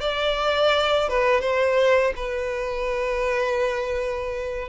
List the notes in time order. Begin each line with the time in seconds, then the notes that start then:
0.00 D5
1.08 B4
1.41 C5
2.16 B4